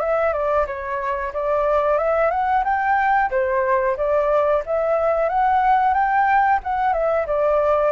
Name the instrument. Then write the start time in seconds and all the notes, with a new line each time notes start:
flute
0.00 E5
0.33 D5
0.67 C#5
1.34 D5
1.98 E5
2.31 F#5
2.64 G5
3.31 C5
3.97 D5
4.66 E5
5.29 F#5
5.94 G5
6.63 F#5
6.93 E5
7.26 D5